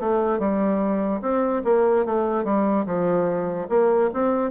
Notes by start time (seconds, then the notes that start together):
0.00 A3
0.39 G3
1.21 C4
1.64 A#3
2.05 A3
2.45 G3
2.86 F3
3.69 A#3
4.14 C4